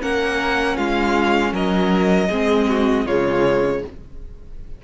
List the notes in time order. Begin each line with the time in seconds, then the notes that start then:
0.00 A#3 C#4 A#4 F#5
0.77 G#3 F4 F5
1.52 F#3 A#4 D#5
2.28 G#3 C4 G#4
2.68 F#4
3.05 C#3 G#3 F4 C#5